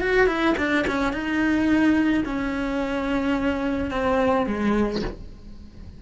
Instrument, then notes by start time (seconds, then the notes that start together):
cello
0.00 F#4
0.27 E4
0.57 D4
0.87 C#4
1.12 D#4
2.24 C#4
3.90 C4
4.46 G#3